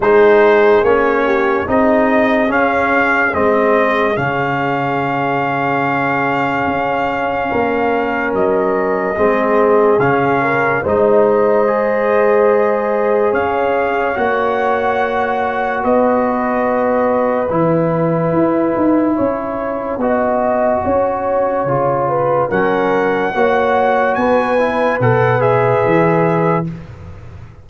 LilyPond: <<
  \new Staff \with { instrumentName = "trumpet" } { \time 4/4 \tempo 4 = 72 c''4 cis''4 dis''4 f''4 | dis''4 f''2.~ | f''2 dis''2 | f''4 dis''2. |
f''4 fis''2 dis''4~ | dis''4 gis''2.~ | gis''2. fis''4~ | fis''4 gis''4 fis''8 e''4. | }
  \new Staff \with { instrumentName = "horn" } { \time 4/4 gis'4. g'8 gis'2~ | gis'1~ | gis'4 ais'2 gis'4~ | gis'8 ais'8 c''2. |
cis''2. b'4~ | b'2. cis''4 | dis''4 cis''4. b'8 ais'4 | cis''4 b'2. | }
  \new Staff \with { instrumentName = "trombone" } { \time 4/4 dis'4 cis'4 dis'4 cis'4 | c'4 cis'2.~ | cis'2. c'4 | cis'4 dis'4 gis'2~ |
gis'4 fis'2.~ | fis'4 e'2. | fis'2 f'4 cis'4 | fis'4. e'8 a'8 gis'4. | }
  \new Staff \with { instrumentName = "tuba" } { \time 4/4 gis4 ais4 c'4 cis'4 | gis4 cis2. | cis'4 ais4 fis4 gis4 | cis4 gis2. |
cis'4 ais2 b4~ | b4 e4 e'8 dis'8 cis'4 | b4 cis'4 cis4 fis4 | ais4 b4 b,4 e4 | }
>>